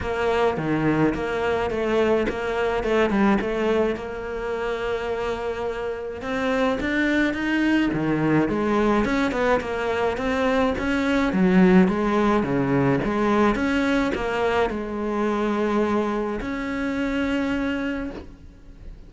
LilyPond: \new Staff \with { instrumentName = "cello" } { \time 4/4 \tempo 4 = 106 ais4 dis4 ais4 a4 | ais4 a8 g8 a4 ais4~ | ais2. c'4 | d'4 dis'4 dis4 gis4 |
cis'8 b8 ais4 c'4 cis'4 | fis4 gis4 cis4 gis4 | cis'4 ais4 gis2~ | gis4 cis'2. | }